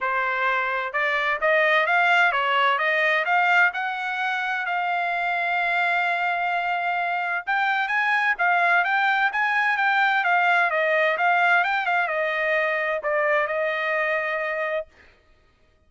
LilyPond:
\new Staff \with { instrumentName = "trumpet" } { \time 4/4 \tempo 4 = 129 c''2 d''4 dis''4 | f''4 cis''4 dis''4 f''4 | fis''2 f''2~ | f''1 |
g''4 gis''4 f''4 g''4 | gis''4 g''4 f''4 dis''4 | f''4 g''8 f''8 dis''2 | d''4 dis''2. | }